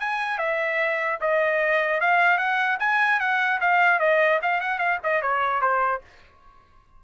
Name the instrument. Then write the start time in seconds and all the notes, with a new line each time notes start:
trumpet
0.00 G#5
0.38 E5
1.21 D#5
2.00 F5
2.38 F#5
2.79 G#5
3.20 F#5
3.61 F5
4.00 D#5
4.42 F5
4.61 F#5
4.78 F5
5.03 D#5
5.22 C#5
5.61 C5